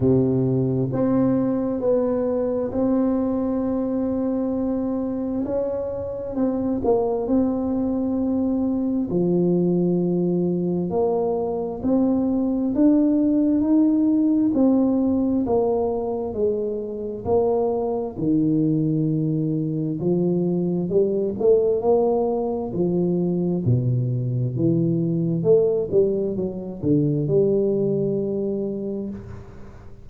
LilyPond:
\new Staff \with { instrumentName = "tuba" } { \time 4/4 \tempo 4 = 66 c4 c'4 b4 c'4~ | c'2 cis'4 c'8 ais8 | c'2 f2 | ais4 c'4 d'4 dis'4 |
c'4 ais4 gis4 ais4 | dis2 f4 g8 a8 | ais4 f4 b,4 e4 | a8 g8 fis8 d8 g2 | }